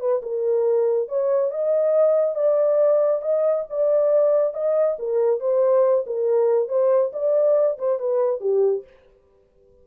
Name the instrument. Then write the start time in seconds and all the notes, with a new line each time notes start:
horn
0.00 B4
0.23 A#4
1.09 C#5
1.51 D#5
2.35 D5
3.22 D#5
3.70 D5
4.54 D#5
4.99 A#4
5.40 C5
6.06 A#4
6.68 C5
7.13 D5
7.78 C5
8.00 B4
8.41 G4